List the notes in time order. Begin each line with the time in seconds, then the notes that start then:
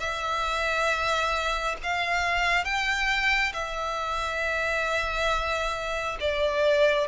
0.00 E5
1.83 F5
2.65 G5
3.53 E5
6.20 D5